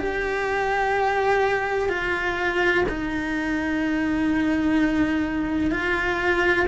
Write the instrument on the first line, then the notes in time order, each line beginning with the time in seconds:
cello
0.00 G4
1.89 F4
2.89 D#4
5.72 F4